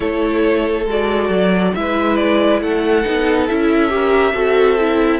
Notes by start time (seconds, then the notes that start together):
0.00 A3 E4 A4 C#5
0.85 G#3 F#4 D5
1.29 F#3
1.74 G#3 E4 B4 E5
2.16 D5
2.61 A3 A4 F#5
3.04 B3 D#4
3.47 C#4 E4 E5
3.89 G4 A#4
4.33 C4 F#4 A4
4.79 E4